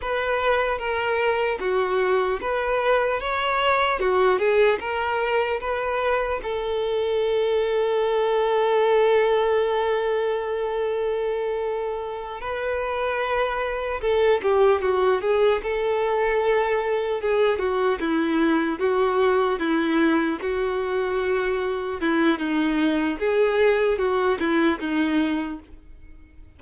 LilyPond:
\new Staff \with { instrumentName = "violin" } { \time 4/4 \tempo 4 = 75 b'4 ais'4 fis'4 b'4 | cis''4 fis'8 gis'8 ais'4 b'4 | a'1~ | a'2.~ a'8 b'8~ |
b'4. a'8 g'8 fis'8 gis'8 a'8~ | a'4. gis'8 fis'8 e'4 fis'8~ | fis'8 e'4 fis'2 e'8 | dis'4 gis'4 fis'8 e'8 dis'4 | }